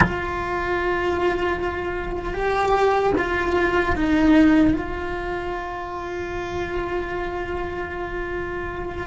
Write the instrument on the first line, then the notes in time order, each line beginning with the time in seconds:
cello
0.00 F4
2.33 G4
3.17 F4
3.95 D#4
4.73 F4